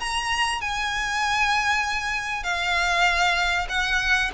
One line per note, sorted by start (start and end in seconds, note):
0.00 0.61 A#5
0.61 2.44 G#5
2.44 3.67 F5
3.69 4.31 F#5